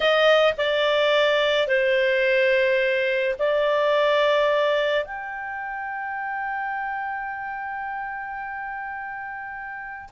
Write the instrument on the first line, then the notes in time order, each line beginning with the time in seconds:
clarinet
0.00 D#5
0.57 D5
1.67 C5
3.38 D5
5.04 G5